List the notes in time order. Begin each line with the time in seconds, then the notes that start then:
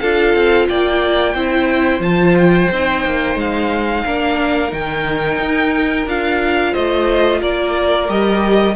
0.00 D4 F4 A4 F5
0.35 C4
0.69 A#3 D5 G5
1.34 C4 E4 C5
2.00 F3 F4 A5
2.38 G5
2.72 C4 D#4
3.05 A#3
3.36 G#3 F5
4.05 A#3 D4 A#4
4.70 D#3 D#4 G5
5.39 D#4
6.07 D4 F4 F5
6.73 A3 C5 D#5
7.41 A#3 A#4 D5
8.08 G3 G4 D#5